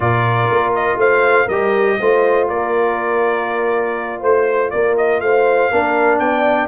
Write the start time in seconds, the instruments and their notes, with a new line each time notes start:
0.00 tuba A#2, trombone F4, horn A#4, trumpet D5
0.50 tuba A#3
0.74 trumpet D#5
0.96 tuba A3, horn C5, trumpet F5
1.45 tuba G3, horn A#4, trumpet D#5
1.51 trombone G4
1.99 tuba A3, trombone F4, horn C5
2.48 tuba A#3, horn A#4, trumpet D5
4.20 tuba A3, horn C5, trumpet C5
4.70 tuba A#3, horn A#4, trumpet D5
4.97 trumpet D#5
5.20 tuba A3, horn C5, trumpet F5
5.71 tuba A#3, trombone D4, horn A#4
6.19 tuba B3, horn D5, trumpet G5